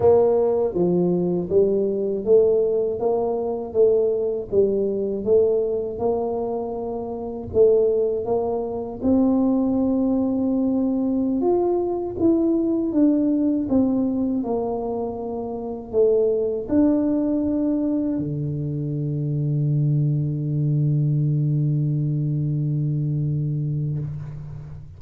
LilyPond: \new Staff \with { instrumentName = "tuba" } { \time 4/4 \tempo 4 = 80 ais4 f4 g4 a4 | ais4 a4 g4 a4 | ais2 a4 ais4 | c'2.~ c'16 f'8.~ |
f'16 e'4 d'4 c'4 ais8.~ | ais4~ ais16 a4 d'4.~ d'16~ | d'16 d2.~ d8.~ | d1 | }